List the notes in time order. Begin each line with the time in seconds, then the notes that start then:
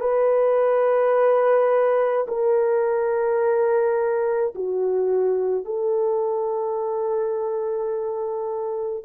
0.00 B4
2.27 A#4
4.55 F#4
5.64 A4